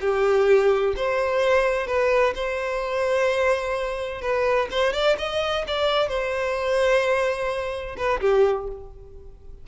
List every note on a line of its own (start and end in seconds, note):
0.00 0.94 G4
0.96 1.87 C5
1.87 2.34 B4
2.35 4.21 C5
4.21 4.68 B4
4.70 4.93 C5
4.93 5.16 D5
5.18 5.65 D#5
5.67 6.08 D5
6.08 7.96 C5
7.96 8.20 B4
8.20 8.67 G4